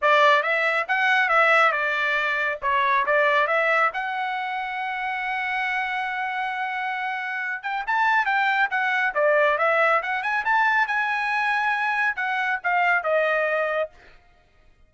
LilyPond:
\new Staff \with { instrumentName = "trumpet" } { \time 4/4 \tempo 4 = 138 d''4 e''4 fis''4 e''4 | d''2 cis''4 d''4 | e''4 fis''2.~ | fis''1~ |
fis''4. g''8 a''4 g''4 | fis''4 d''4 e''4 fis''8 gis''8 | a''4 gis''2. | fis''4 f''4 dis''2 | }